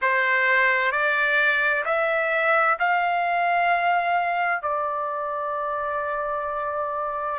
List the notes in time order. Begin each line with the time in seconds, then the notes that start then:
0.01 C5
0.91 D5
1.85 E5
2.79 F5
4.62 D5